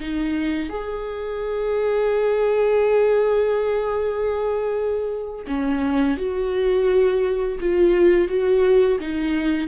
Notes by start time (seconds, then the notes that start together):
0.00 D#4
0.69 G#4
5.47 C#4
6.17 F#4
7.60 F4
8.27 F#4
9.00 D#4